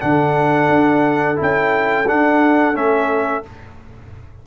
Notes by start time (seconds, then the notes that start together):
0.00 D3 D4 A4 F#5
0.69 D4
1.37 C#4 E4
1.43 G5
2.08 D4 F#5
2.75 A3 C#4 E5